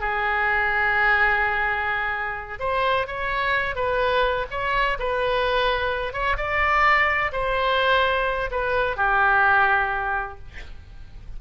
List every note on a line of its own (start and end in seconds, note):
0.00 2.60 G#4
2.60 3.07 C5
3.07 3.75 C#5
3.75 4.46 B4
4.51 4.98 C#5
4.99 6.13 B4
6.13 6.37 C#5
6.37 7.31 D5
7.32 8.50 C5
8.51 8.97 B4
8.97 10.38 G4